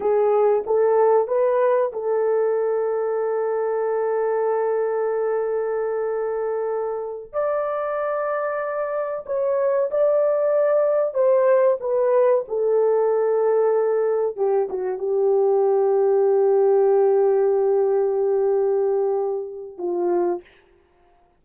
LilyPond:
\new Staff \with { instrumentName = "horn" } { \time 4/4 \tempo 4 = 94 gis'4 a'4 b'4 a'4~ | a'1~ | a'2.~ a'8 d''8~ | d''2~ d''8 cis''4 d''8~ |
d''4. c''4 b'4 a'8~ | a'2~ a'8 g'8 fis'8 g'8~ | g'1~ | g'2. f'4 | }